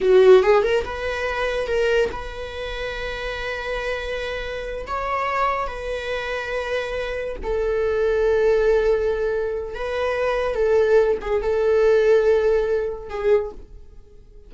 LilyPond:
\new Staff \with { instrumentName = "viola" } { \time 4/4 \tempo 4 = 142 fis'4 gis'8 ais'8 b'2 | ais'4 b'2.~ | b'2.~ b'8 cis''8~ | cis''4. b'2~ b'8~ |
b'4. a'2~ a'8~ | a'2. b'4~ | b'4 a'4. gis'8 a'4~ | a'2. gis'4 | }